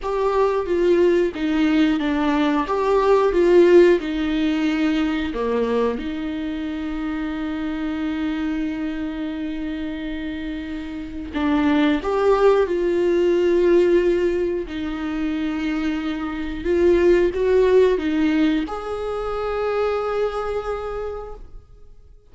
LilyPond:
\new Staff \with { instrumentName = "viola" } { \time 4/4 \tempo 4 = 90 g'4 f'4 dis'4 d'4 | g'4 f'4 dis'2 | ais4 dis'2.~ | dis'1~ |
dis'4 d'4 g'4 f'4~ | f'2 dis'2~ | dis'4 f'4 fis'4 dis'4 | gis'1 | }